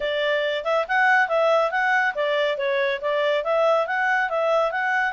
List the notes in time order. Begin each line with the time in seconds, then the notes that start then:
0.00 D5
0.64 E5
0.87 F#5
1.28 E5
1.71 F#5
2.14 D5
2.57 C#5
3.01 D5
3.44 E5
3.86 F#5
4.29 E5
4.71 F#5